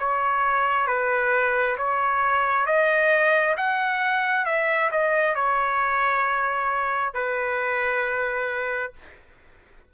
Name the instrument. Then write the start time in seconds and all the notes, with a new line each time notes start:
trumpet
0.00 C#5
0.88 B4
1.77 C#5
2.67 D#5
3.57 F#5
4.46 E5
4.92 D#5
5.35 C#5
7.14 B4